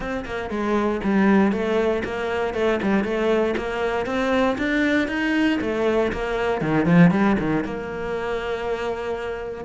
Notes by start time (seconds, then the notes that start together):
0.00 C4
0.25 A#3
0.49 G#3
1.03 G3
1.52 A3
2.04 A#3
2.54 A3
2.82 G3
3.04 A3
3.57 A#3
4.06 C4
4.58 D4
5.08 D#4
5.61 A3
6.12 A#3
6.61 D#3
6.85 F3
7.10 G3
7.39 D#3
7.64 A#3